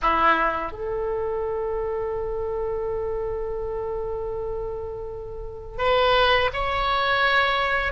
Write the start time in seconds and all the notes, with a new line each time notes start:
0.02 E4
0.72 A4
5.78 B4
6.53 C#5